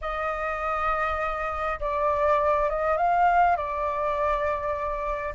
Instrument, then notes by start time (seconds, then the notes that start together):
flute
0.01 D#5
1.80 D5
2.69 D#5
2.97 F5
3.56 D5